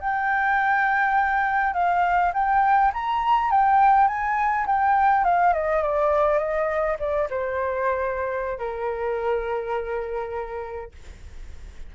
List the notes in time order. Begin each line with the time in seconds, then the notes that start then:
0.00 G5
1.74 F5
2.34 G5
2.94 A#5
3.51 G5
4.08 G#5
4.67 G5
5.25 F5
5.53 D#5
5.82 D5
6.39 D#5
6.99 D5
7.30 C5
8.58 A#4